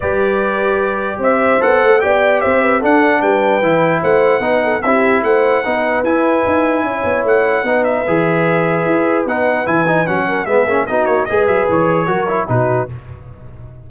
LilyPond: <<
  \new Staff \with { instrumentName = "trumpet" } { \time 4/4 \tempo 4 = 149 d''2. e''4 | fis''4 g''4 e''4 fis''4 | g''2 fis''2 | e''4 fis''2 gis''4~ |
gis''2 fis''4. e''8~ | e''2. fis''4 | gis''4 fis''4 e''4 dis''8 cis''8 | dis''8 e''8 cis''2 b'4 | }
  \new Staff \with { instrumentName = "horn" } { \time 4/4 b'2. c''4~ | c''4 d''4 c''8 b'8 a'4 | b'2 c''4 b'8 a'8 | g'4 c''4 b'2~ |
b'4 cis''2 b'4~ | b'1~ | b'4. ais'8 gis'4 fis'4 | b'2 ais'4 fis'4 | }
  \new Staff \with { instrumentName = "trombone" } { \time 4/4 g'1 | a'4 g'2 d'4~ | d'4 e'2 dis'4 | e'2 dis'4 e'4~ |
e'2. dis'4 | gis'2. dis'4 | e'8 dis'8 cis'4 b8 cis'8 dis'4 | gis'2 fis'8 e'8 dis'4 | }
  \new Staff \with { instrumentName = "tuba" } { \time 4/4 g2. c'4 | b8 a8 b4 c'4 d'4 | g4 e4 a4 b4 | c'4 a4 b4 e'4 |
dis'4 cis'8 b8 a4 b4 | e2 e'4 b4 | e4 fis4 gis8 ais8 b8 ais8 | gis8 fis8 e4 fis4 b,4 | }
>>